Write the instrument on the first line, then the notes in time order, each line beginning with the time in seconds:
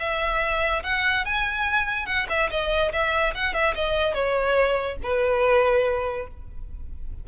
violin
0.00 E5
0.84 F#5
1.26 G#5
2.07 F#5
2.30 E5
2.51 D#5
2.93 E5
3.35 F#5
3.54 E5
3.75 D#5
4.14 C#5
5.03 B4